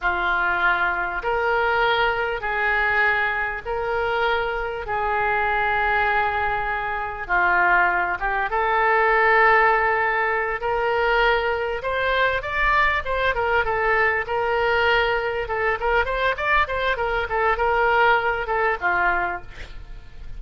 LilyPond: \new Staff \with { instrumentName = "oboe" } { \time 4/4 \tempo 4 = 99 f'2 ais'2 | gis'2 ais'2 | gis'1 | f'4. g'8 a'2~ |
a'4. ais'2 c''8~ | c''8 d''4 c''8 ais'8 a'4 ais'8~ | ais'4. a'8 ais'8 c''8 d''8 c''8 | ais'8 a'8 ais'4. a'8 f'4 | }